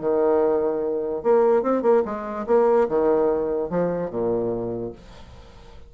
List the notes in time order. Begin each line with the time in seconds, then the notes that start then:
0.00 D#3
1.23 A#3
1.63 C4
1.82 A#3
2.05 G#3
2.47 A#3
2.89 D#3
3.69 F3
4.10 A#2